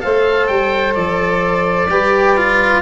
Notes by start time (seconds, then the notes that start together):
0.00 A3 A4 C5 F5
0.47 G3 G5
0.95 F3 D5
1.90 G3 G4 B4
2.37 F4